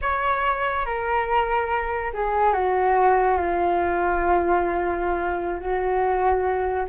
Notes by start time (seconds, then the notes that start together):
0.01 C#5
0.85 A#4
2.13 G#4
2.53 F#4
3.37 F4
5.60 F#4